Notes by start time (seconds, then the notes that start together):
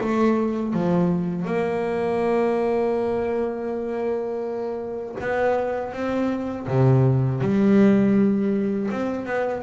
0.00 A3
0.73 F3
1.44 A#3
5.20 B3
5.92 C4
6.67 C3
7.41 G3
8.91 C4
9.25 B3